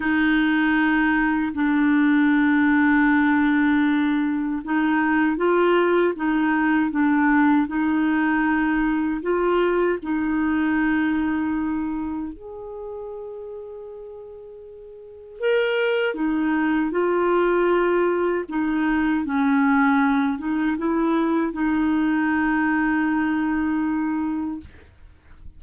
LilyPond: \new Staff \with { instrumentName = "clarinet" } { \time 4/4 \tempo 4 = 78 dis'2 d'2~ | d'2 dis'4 f'4 | dis'4 d'4 dis'2 | f'4 dis'2. |
gis'1 | ais'4 dis'4 f'2 | dis'4 cis'4. dis'8 e'4 | dis'1 | }